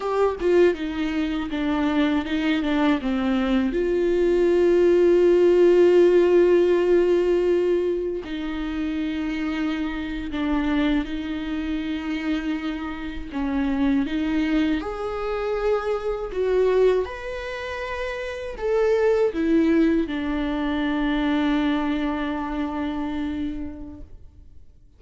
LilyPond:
\new Staff \with { instrumentName = "viola" } { \time 4/4 \tempo 4 = 80 g'8 f'8 dis'4 d'4 dis'8 d'8 | c'4 f'2.~ | f'2. dis'4~ | dis'4.~ dis'16 d'4 dis'4~ dis'16~ |
dis'4.~ dis'16 cis'4 dis'4 gis'16~ | gis'4.~ gis'16 fis'4 b'4~ b'16~ | b'8. a'4 e'4 d'4~ d'16~ | d'1 | }